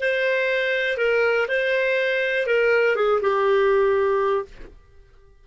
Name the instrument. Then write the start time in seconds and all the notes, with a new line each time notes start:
clarinet
0.00 C5
0.97 A#4
1.48 C5
2.46 A#4
2.95 G#4
3.21 G4